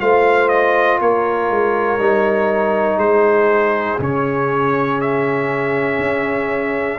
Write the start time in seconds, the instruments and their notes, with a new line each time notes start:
0.00 tuba A3, trombone F4, horn C5, trumpet F5
0.49 trumpet D#5
1.00 tuba A#3, horn A#4, trumpet C#5
1.50 tuba G#3
1.99 tuba G3, trombone D#4
2.98 tuba G#3, horn G#4, trumpet C5
3.99 tuba C#3, trombone C#4, trumpet C#5
5.01 trumpet E5
5.99 tuba C#4